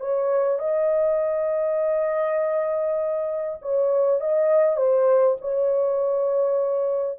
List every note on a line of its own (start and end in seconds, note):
0.00 0.59 C#5
0.59 3.59 D#5
3.62 4.20 C#5
4.20 4.76 D#5
4.76 5.36 C5
5.41 7.18 C#5